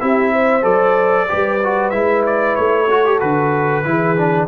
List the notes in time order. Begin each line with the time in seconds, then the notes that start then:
0.00 C4 E4 G4 E5
0.32 C5
0.62 F#3 A4 D5
1.28 G3 G4 B4
1.64 F#4
1.90 G#3 E4 E5
2.26 D5
2.55 A3 C#5
2.89 F#4 A4
3.05 G4
3.20 D3 F#4 B4
3.84 E3 E4 G#4
4.16 D4